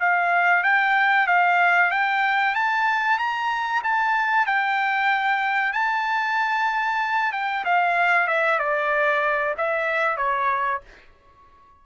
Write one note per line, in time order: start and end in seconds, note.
0.00 0.63 F5
0.63 1.27 G5
1.27 1.91 F5
1.91 2.55 G5
2.55 3.19 A5
3.19 3.82 A#5
3.84 4.46 A5
4.46 5.73 G5
5.73 7.32 A5
7.32 7.64 G5
7.65 8.27 F5
8.27 8.59 E5
8.59 9.55 D5
9.57 10.17 E5
10.17 10.81 C#5